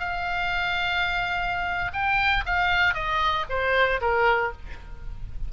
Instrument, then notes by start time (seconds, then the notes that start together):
oboe
0.00 F5
1.93 G5
2.46 F5
2.94 D#5
3.50 C5
4.01 A#4